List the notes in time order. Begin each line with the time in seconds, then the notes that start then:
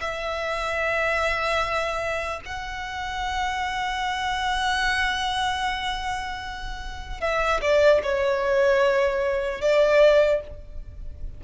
0.00 E5
2.45 F#5
7.20 E5
7.61 D5
8.03 C#5
9.61 D5